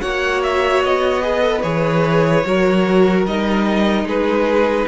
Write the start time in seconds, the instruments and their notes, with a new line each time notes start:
0.00 cello A#3, viola F#4, violin C#5 F#5
0.43 violin E5
0.84 cello B3, violin D#5
1.21 viola G#4, violin B4
1.41 viola A4
1.62 cello E3, viola G#4, violin C#5
2.45 cello F#3, viola F#4, violin A#4
3.26 cello G3, viola D#4, violin D#5
4.04 cello G#3, violin G#4 B4